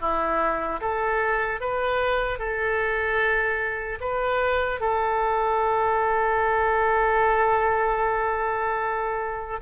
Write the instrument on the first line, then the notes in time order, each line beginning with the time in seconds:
oboe
0.00 E4
0.80 A4
1.60 B4
2.39 A4
4.00 B4
4.80 A4